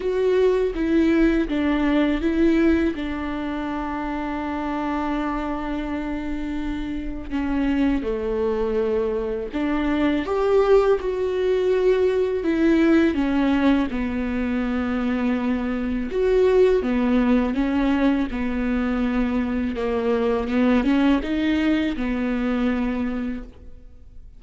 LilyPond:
\new Staff \with { instrumentName = "viola" } { \time 4/4 \tempo 4 = 82 fis'4 e'4 d'4 e'4 | d'1~ | d'2 cis'4 a4~ | a4 d'4 g'4 fis'4~ |
fis'4 e'4 cis'4 b4~ | b2 fis'4 b4 | cis'4 b2 ais4 | b8 cis'8 dis'4 b2 | }